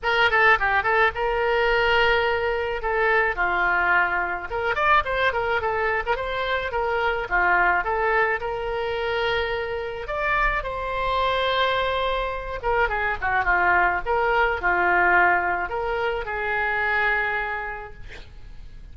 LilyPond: \new Staff \with { instrumentName = "oboe" } { \time 4/4 \tempo 4 = 107 ais'8 a'8 g'8 a'8 ais'2~ | ais'4 a'4 f'2 | ais'8 d''8 c''8 ais'8 a'8. ais'16 c''4 | ais'4 f'4 a'4 ais'4~ |
ais'2 d''4 c''4~ | c''2~ c''8 ais'8 gis'8 fis'8 | f'4 ais'4 f'2 | ais'4 gis'2. | }